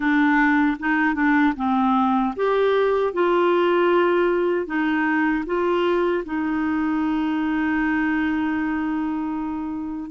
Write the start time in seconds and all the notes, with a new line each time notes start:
0.00 D4
0.79 D#4
1.14 D4
1.56 C4
2.36 G4
3.13 F4
4.66 D#4
5.45 F4
6.25 D#4